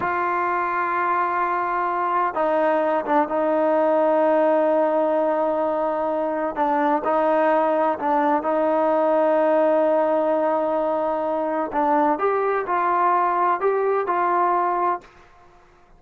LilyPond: \new Staff \with { instrumentName = "trombone" } { \time 4/4 \tempo 4 = 128 f'1~ | f'4 dis'4. d'8 dis'4~ | dis'1~ | dis'2 d'4 dis'4~ |
dis'4 d'4 dis'2~ | dis'1~ | dis'4 d'4 g'4 f'4~ | f'4 g'4 f'2 | }